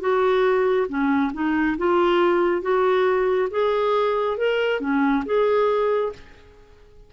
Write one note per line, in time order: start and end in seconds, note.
0.00 0.87 F#4
0.88 1.32 C#4
1.33 1.77 D#4
1.78 2.62 F4
2.62 3.49 F#4
3.51 4.38 G#4
4.38 4.80 A#4
4.80 5.24 C#4
5.25 6.12 G#4